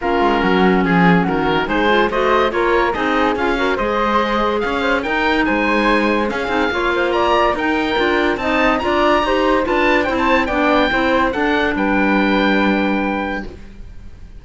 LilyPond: <<
  \new Staff \with { instrumentName = "oboe" } { \time 4/4 \tempo 4 = 143 ais'2 gis'4 ais'4 | c''4 dis''4 cis''4 dis''4 | f''4 dis''2 f''4 | g''4 gis''2 f''4~ |
f''4 ais''4 g''2 | a''4 ais''2 a''4 | g''16 a''8. g''2 fis''4 | g''1 | }
  \new Staff \with { instrumentName = "flute" } { \time 4/4 f'4 fis'4 gis'4 fis'4 | gis'4 c''4 ais'4 gis'4~ | gis'8 ais'8 c''2 cis''8 c''8 | ais'4 c''2 gis'4 |
cis''8 c''8 d''4 ais'2 | dis''4 d''4 c''4 b'4 | c''4 d''4 c''4 a'4 | b'1 | }
  \new Staff \with { instrumentName = "clarinet" } { \time 4/4 cis'1 | dis'8 f'8 fis'4 f'4 dis'4 | f'8 fis'8 gis'2. | dis'2. cis'8 dis'8 |
f'2 dis'4 f'4 | dis'4 f'4 g'4 f'4 | e'4 d'4 e'4 d'4~ | d'1 | }
  \new Staff \with { instrumentName = "cello" } { \time 4/4 ais8 gis8 fis4 f4 dis4 | gis4 a4 ais4 c'4 | cis'4 gis2 cis'4 | dis'4 gis2 cis'8 c'8 |
ais2 dis'4 d'4 | c'4 d'4 dis'4 d'4 | c'4 b4 c'4 d'4 | g1 | }
>>